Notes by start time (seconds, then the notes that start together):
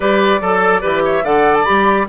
0.00 G3 G4 B4 D5
0.41 F#3 A4
0.81 E3 G4 B4
1.04 C#5 E5
1.23 D3 A4 D5 F#5
1.54 A5
1.64 G3 G4 B5